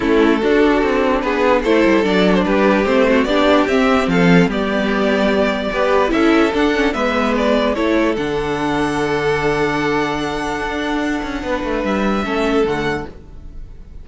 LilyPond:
<<
  \new Staff \with { instrumentName = "violin" } { \time 4/4 \tempo 4 = 147 a'2. b'4 | c''4 d''8. c''16 b'4 c''4 | d''4 e''4 f''4 d''4~ | d''2. e''4 |
fis''4 e''4 d''4 cis''4 | fis''1~ | fis''1~ | fis''4 e''2 fis''4 | }
  \new Staff \with { instrumentName = "violin" } { \time 4/4 e'4 fis'2 gis'4 | a'2 g'4. fis'8 | g'2 a'4 g'4~ | g'2 b'4 a'4~ |
a'4 b'2 a'4~ | a'1~ | a'1 | b'2 a'2 | }
  \new Staff \with { instrumentName = "viola" } { \time 4/4 cis'4 d'2. | e'4 d'2 c'4 | d'4 c'2 b4~ | b2 g'4 e'4 |
d'8 cis'8 b2 e'4 | d'1~ | d'1~ | d'2 cis'4 a4 | }
  \new Staff \with { instrumentName = "cello" } { \time 4/4 a4 d'4 c'4 b4 | a8 g8 fis4 g4 a4 | b4 c'4 f4 g4~ | g2 b4 cis'4 |
d'4 gis2 a4 | d1~ | d2 d'4. cis'8 | b8 a8 g4 a4 d4 | }
>>